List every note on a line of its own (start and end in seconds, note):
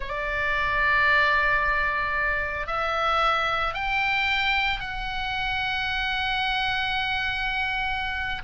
0.00 2.66 D5
2.66 3.74 E5
3.74 4.80 G5
4.80 8.41 F#5